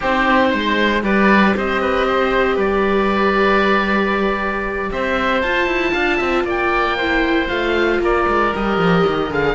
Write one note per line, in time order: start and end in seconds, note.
0.00 0.53 C4
0.00 1.03 D#4
0.00 0.47 G4
0.00 1.03 C5
0.51 1.02 G#3
0.51 1.03 C5
1.02 1.54 G3
1.02 5.42 G4
1.02 1.56 B4
1.02 1.55 D5
1.56 2.57 C4
1.56 1.81 C5
1.56 2.59 D#5
1.81 2.06 B4
2.06 2.55 C5
2.55 4.90 G3
2.55 4.88 B4
2.55 4.91 D5
4.91 5.43 C4
4.91 5.92 C5
4.91 5.41 E5
5.41 5.67 F4
5.41 6.99 F4
5.41 6.45 A5
5.67 5.92 E4
5.92 6.20 D4
5.92 6.17 F5
6.17 6.43 C4
6.17 6.43 E5
6.43 7.47 A#3
6.43 6.97 D5
6.43 7.48 G5
6.97 7.48 E4
6.97 8.00 C5
7.48 7.99 A3
7.48 8.52 F4
7.48 8.00 F5
7.99 8.25 A#3
7.99 9.54 A#4
7.99 8.55 D5
8.27 8.53 G#3
8.54 8.77 G3
8.54 9.29 G4
8.54 9.32 D#5
8.77 9.03 F3
9.07 9.30 D#3
9.29 9.54 D3
9.29 9.54 G#4
9.29 9.54 F5